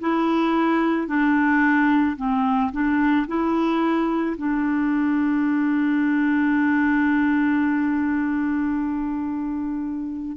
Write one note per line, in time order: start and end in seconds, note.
0.00 1.07 E4
1.07 2.16 D4
2.17 2.71 C4
2.72 3.27 D4
3.27 4.36 E4
4.37 10.37 D4